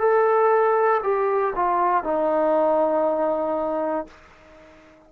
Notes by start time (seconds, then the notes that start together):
0.00 A4
1.04 G4
1.56 F4
2.04 D#4